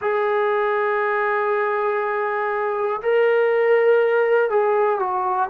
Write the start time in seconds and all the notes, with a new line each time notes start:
0.01 G#4
3.02 A#4
4.50 G#4
4.99 F#4